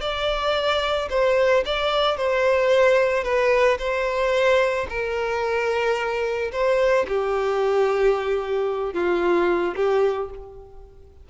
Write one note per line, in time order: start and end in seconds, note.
0.00 1.08 D5
1.09 1.63 C5
1.65 2.17 D5
2.17 3.23 C5
3.23 3.77 B4
3.78 4.86 C5
4.89 6.51 A#4
6.52 7.06 C5
7.08 8.93 G4
8.93 9.74 F4
9.75 10.29 G4